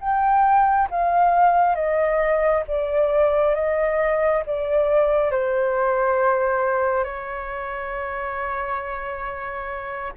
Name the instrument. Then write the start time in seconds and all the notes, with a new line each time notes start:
flute
0.00 G5
0.90 F5
1.75 D#5
2.67 D5
3.55 D#5
4.46 D5
5.31 C5
7.04 C#5